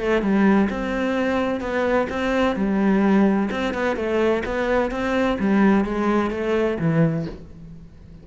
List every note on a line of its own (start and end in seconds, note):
0.00 0.22 A3
0.22 0.69 G3
0.70 1.60 C4
1.60 2.07 B3
2.09 2.56 C4
2.56 3.49 G3
3.51 3.74 C4
3.74 3.96 B3
3.96 4.43 A3
4.45 4.91 B3
4.91 5.38 C4
5.39 5.84 G3
5.84 6.31 G#3
6.31 6.78 A3
6.79 7.26 E3